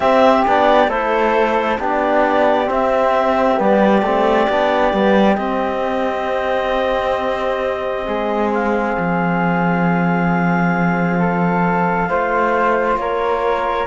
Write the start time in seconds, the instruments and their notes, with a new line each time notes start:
0.00 cello C4, trombone C4, flute G4, clarinet E5
0.46 cello B3, trombone D4, clarinet D5
0.88 cello A3, trombone E4, flute A4, clarinet C5
1.78 cello B3, trombone D4, flute G4, clarinet D5
2.65 trombone C4, cello C4, clarinet E5
3.57 cello G3, trombone B3, clarinet D5
4.01 cello A3, trombone C4
4.49 cello B3, trombone D4
4.91 cello G3, trombone B3
5.36 trombone C4, cello C4, clarinet D#5
8.06 cello G#3, flute G#4
8.53 clarinet F5
8.97 cello F3
11.19 flute A4
12.08 cello A3, trombone F4, flute C5
12.96 cello A#3, flute A#4, clarinet C#5